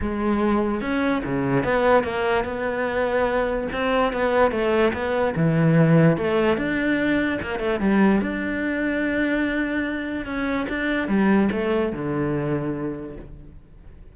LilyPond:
\new Staff \with { instrumentName = "cello" } { \time 4/4 \tempo 4 = 146 gis2 cis'4 cis4 | b4 ais4 b2~ | b4 c'4 b4 a4 | b4 e2 a4 |
d'2 ais8 a8 g4 | d'1~ | d'4 cis'4 d'4 g4 | a4 d2. | }